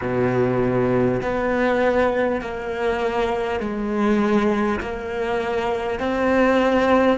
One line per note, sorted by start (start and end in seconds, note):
0.01 1.21 B2
1.22 2.41 B3
2.41 3.59 A#3
3.59 4.79 G#3
4.80 5.99 A#3
5.99 7.18 C4